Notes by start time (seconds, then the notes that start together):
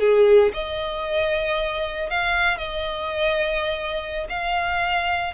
0.00 G#4
0.54 D#5
2.10 F5
2.58 D#5
4.29 F5